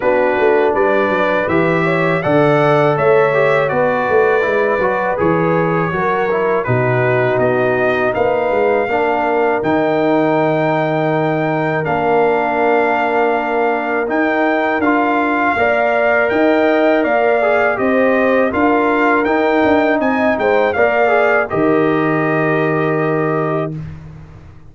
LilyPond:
<<
  \new Staff \with { instrumentName = "trumpet" } { \time 4/4 \tempo 4 = 81 b'4 d''4 e''4 fis''4 | e''4 d''2 cis''4~ | cis''4 b'4 dis''4 f''4~ | f''4 g''2. |
f''2. g''4 | f''2 g''4 f''4 | dis''4 f''4 g''4 gis''8 g''8 | f''4 dis''2. | }
  \new Staff \with { instrumentName = "horn" } { \time 4/4 fis'4 b'4. cis''8 d''4 | cis''4 b'2. | ais'4 fis'2 b'4 | ais'1~ |
ais'1~ | ais'4 d''4 dis''4 d''4 | c''4 ais'2 dis''8 c''8 | d''4 ais'2. | }
  \new Staff \with { instrumentName = "trombone" } { \time 4/4 d'2 g'4 a'4~ | a'8 g'8 fis'4 e'8 fis'8 gis'4 | fis'8 e'8 dis'2. | d'4 dis'2. |
d'2. dis'4 | f'4 ais'2~ ais'8 gis'8 | g'4 f'4 dis'2 | ais'8 gis'8 g'2. | }
  \new Staff \with { instrumentName = "tuba" } { \time 4/4 b8 a8 g8 fis8 e4 d4 | a4 b8 a8 gis8 fis8 e4 | fis4 b,4 b4 ais8 gis8 | ais4 dis2. |
ais2. dis'4 | d'4 ais4 dis'4 ais4 | c'4 d'4 dis'8 d'8 c'8 gis8 | ais4 dis2. | }
>>